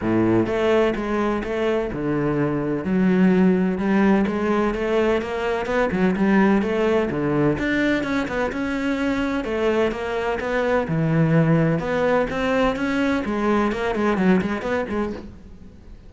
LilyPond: \new Staff \with { instrumentName = "cello" } { \time 4/4 \tempo 4 = 127 a,4 a4 gis4 a4 | d2 fis2 | g4 gis4 a4 ais4 | b8 fis8 g4 a4 d4 |
d'4 cis'8 b8 cis'2 | a4 ais4 b4 e4~ | e4 b4 c'4 cis'4 | gis4 ais8 gis8 fis8 gis8 b8 gis8 | }